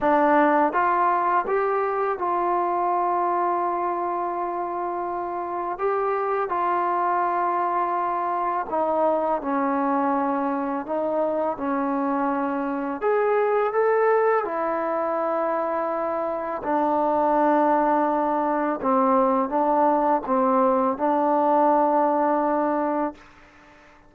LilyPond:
\new Staff \with { instrumentName = "trombone" } { \time 4/4 \tempo 4 = 83 d'4 f'4 g'4 f'4~ | f'1 | g'4 f'2. | dis'4 cis'2 dis'4 |
cis'2 gis'4 a'4 | e'2. d'4~ | d'2 c'4 d'4 | c'4 d'2. | }